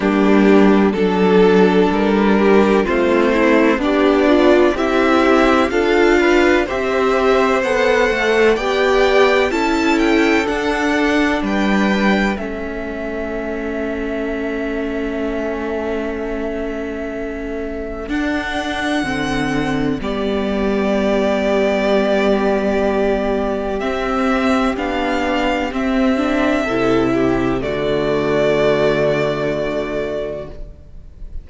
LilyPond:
<<
  \new Staff \with { instrumentName = "violin" } { \time 4/4 \tempo 4 = 63 g'4 a'4 ais'4 c''4 | d''4 e''4 f''4 e''4 | fis''4 g''4 a''8 g''8 fis''4 | g''4 e''2.~ |
e''2. fis''4~ | fis''4 d''2.~ | d''4 e''4 f''4 e''4~ | e''4 d''2. | }
  \new Staff \with { instrumentName = "violin" } { \time 4/4 d'4 a'4. g'8 f'8 e'8 | d'4 g'4 a'8 b'8 c''4~ | c''4 d''4 a'2 | b'4 a'2.~ |
a'1~ | a'4 g'2.~ | g'1 | a'8 g'8 fis'2. | }
  \new Staff \with { instrumentName = "viola" } { \time 4/4 ais4 d'2 c'4 | g'8 f'8 e'4 f'4 g'4 | a'4 g'4 e'4 d'4~ | d'4 cis'2.~ |
cis'2. d'4 | c'4 b2.~ | b4 c'4 d'4 c'8 d'8 | e'4 a2. | }
  \new Staff \with { instrumentName = "cello" } { \time 4/4 g4 fis4 g4 a4 | b4 c'4 d'4 c'4 | b8 a8 b4 cis'4 d'4 | g4 a2.~ |
a2. d'4 | d4 g2.~ | g4 c'4 b4 c'4 | c4 d2. | }
>>